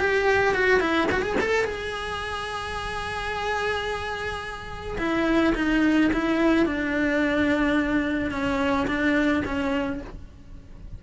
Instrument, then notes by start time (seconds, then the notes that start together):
cello
0.00 G4
0.55 F#4
0.80 E4
1.12 F#4
1.22 G#4
1.40 A4
1.65 G#4
4.98 E4
5.55 D#4
6.13 E4
6.66 D4
8.31 C#4
8.88 D4
9.45 C#4